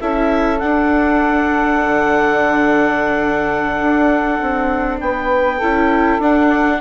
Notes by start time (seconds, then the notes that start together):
0.00 C#4 E4 A4 E5
0.59 D4 F#5
1.84 D3
3.80 D4
4.42 C4
5.00 B3 B4 G5
5.56 C#4 E4 A4
6.19 D4 F#5